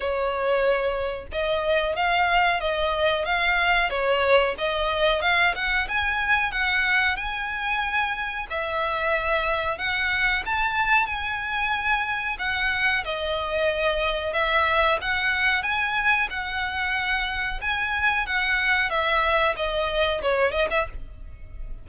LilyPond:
\new Staff \with { instrumentName = "violin" } { \time 4/4 \tempo 4 = 92 cis''2 dis''4 f''4 | dis''4 f''4 cis''4 dis''4 | f''8 fis''8 gis''4 fis''4 gis''4~ | gis''4 e''2 fis''4 |
a''4 gis''2 fis''4 | dis''2 e''4 fis''4 | gis''4 fis''2 gis''4 | fis''4 e''4 dis''4 cis''8 dis''16 e''16 | }